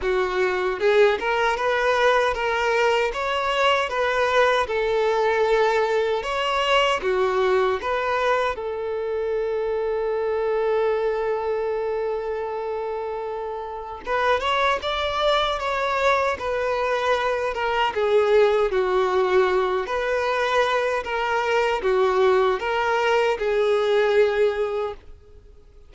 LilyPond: \new Staff \with { instrumentName = "violin" } { \time 4/4 \tempo 4 = 77 fis'4 gis'8 ais'8 b'4 ais'4 | cis''4 b'4 a'2 | cis''4 fis'4 b'4 a'4~ | a'1~ |
a'2 b'8 cis''8 d''4 | cis''4 b'4. ais'8 gis'4 | fis'4. b'4. ais'4 | fis'4 ais'4 gis'2 | }